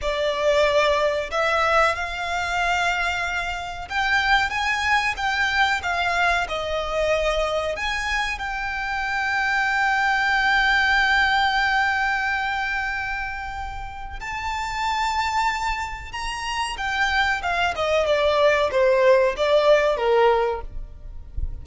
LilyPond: \new Staff \with { instrumentName = "violin" } { \time 4/4 \tempo 4 = 93 d''2 e''4 f''4~ | f''2 g''4 gis''4 | g''4 f''4 dis''2 | gis''4 g''2.~ |
g''1~ | g''2 a''2~ | a''4 ais''4 g''4 f''8 dis''8 | d''4 c''4 d''4 ais'4 | }